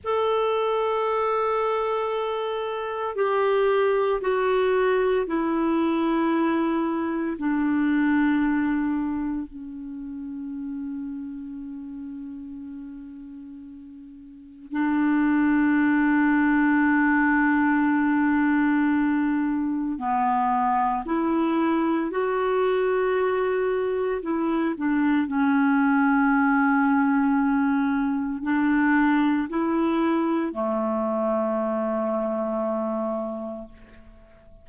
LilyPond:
\new Staff \with { instrumentName = "clarinet" } { \time 4/4 \tempo 4 = 57 a'2. g'4 | fis'4 e'2 d'4~ | d'4 cis'2.~ | cis'2 d'2~ |
d'2. b4 | e'4 fis'2 e'8 d'8 | cis'2. d'4 | e'4 a2. | }